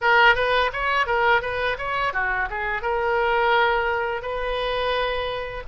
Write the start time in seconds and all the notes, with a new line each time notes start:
0.01 A#4
0.35 B4
0.73 C#5
1.06 A#4
1.41 B4
1.78 C#5
2.13 F#4
2.49 G#4
2.82 A#4
4.22 B4